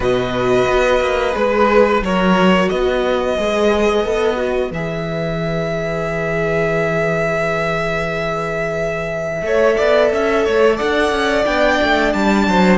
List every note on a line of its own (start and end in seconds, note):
0.00 0.64 B2
0.00 1.31 F#4
0.00 2.02 B4
0.00 1.35 D#5
0.67 1.01 B3
1.01 1.34 A#3
1.31 2.01 G#3
1.31 1.99 G#4
1.31 2.03 B4
2.01 2.69 F#3
2.01 3.37 F#4
2.01 2.70 A#4
2.01 2.69 C#5
2.69 3.37 B3
2.69 9.45 B4
2.69 4.71 D#5
3.37 4.05 G#3
3.37 4.04 G#4
4.04 4.71 B3
4.04 4.35 A4
4.35 4.69 F#4
4.71 9.41 E3
4.71 9.44 G#4
4.71 10.77 E5
9.41 9.75 A3
9.41 11.46 A4
9.41 9.76 C#5
9.76 10.12 B3
9.76 10.10 D5
10.12 10.46 C#4
10.12 10.44 E5
10.44 10.79 A3
10.44 10.76 C#5
10.76 11.11 D4
10.76 12.45 D5
10.76 11.44 F#5
11.11 11.45 C#4
11.45 11.79 B3
11.45 12.77 D4
11.45 12.12 G5
11.82 12.13 A3
12.12 12.47 G3
12.12 12.77 A5
12.47 12.77 F#3
12.47 12.77 C5